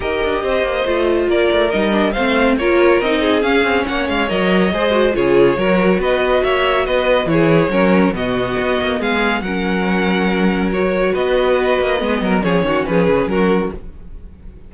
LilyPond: <<
  \new Staff \with { instrumentName = "violin" } { \time 4/4 \tempo 4 = 140 dis''2. d''4 | dis''4 f''4 cis''4 dis''4 | f''4 fis''8 f''8 dis''2 | cis''2 dis''4 e''4 |
dis''4 cis''2 dis''4~ | dis''4 f''4 fis''2~ | fis''4 cis''4 dis''2~ | dis''4 cis''4 b'4 ais'4 | }
  \new Staff \with { instrumentName = "violin" } { \time 4/4 ais'4 c''2 ais'4~ | ais'4 c''4 ais'4. gis'8~ | gis'4 cis''2 c''4 | gis'4 ais'4 b'4 cis''4 |
b'4 gis'4 ais'4 fis'4~ | fis'4 gis'4 ais'2~ | ais'2 b'2~ | b'8 ais'8 gis'8 fis'8 gis'4 fis'4 | }
  \new Staff \with { instrumentName = "viola" } { \time 4/4 g'2 f'2 | dis'8 d'8 c'4 f'4 dis'4 | cis'2 ais'4 gis'8 fis'8 | f'4 fis'2.~ |
fis'4 e'4 cis'4 b4~ | b2 cis'2~ | cis'4 fis'2. | b4 cis'2. | }
  \new Staff \with { instrumentName = "cello" } { \time 4/4 dis'8 d'8 c'8 ais8 a4 ais8 a8 | g4 a4 ais4 c'4 | cis'8 c'8 ais8 gis8 fis4 gis4 | cis4 fis4 b4 ais4 |
b4 e4 fis4 b,4 | b8 ais8 gis4 fis2~ | fis2 b4. ais8 | gis8 fis8 f8 dis8 f8 cis8 fis4 | }
>>